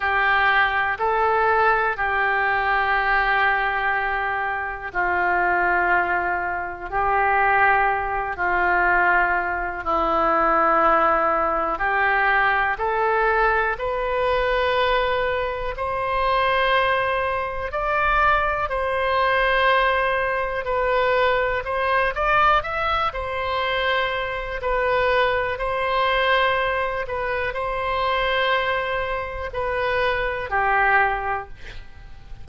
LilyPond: \new Staff \with { instrumentName = "oboe" } { \time 4/4 \tempo 4 = 61 g'4 a'4 g'2~ | g'4 f'2 g'4~ | g'8 f'4. e'2 | g'4 a'4 b'2 |
c''2 d''4 c''4~ | c''4 b'4 c''8 d''8 e''8 c''8~ | c''4 b'4 c''4. b'8 | c''2 b'4 g'4 | }